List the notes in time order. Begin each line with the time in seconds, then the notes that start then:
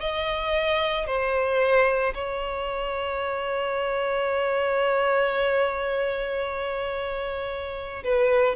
0.00 D#5
1.07 C5
2.14 C#5
8.04 B4